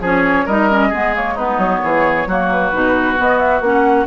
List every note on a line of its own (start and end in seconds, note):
0.00 0.45 F3
0.00 0.48 C#4
0.00 0.45 G#4
0.06 0.47 C#5
0.45 0.92 G3
0.45 0.70 D#4
0.45 0.89 A#4
0.45 1.15 D#5
0.70 0.92 C#4
0.89 1.58 G#3
0.89 1.14 B3
0.89 1.34 G#4
1.14 1.37 A#3
1.14 1.37 C#5
1.34 2.28 B3
1.34 1.79 D#4
1.34 1.59 B4
1.58 1.80 F#3
1.58 2.49 C#5
1.83 2.26 E3
1.83 2.28 G#4
2.26 2.71 F#3
2.26 2.73 A#3
2.26 4.07 F#4
2.51 3.19 B4
2.73 3.19 B2
2.73 3.16 D#4
3.16 3.61 B3
3.16 3.60 B3
3.16 3.38 D#5
3.38 3.61 E5
3.60 4.05 A#3
3.60 4.07 C#4
3.60 4.06 F#5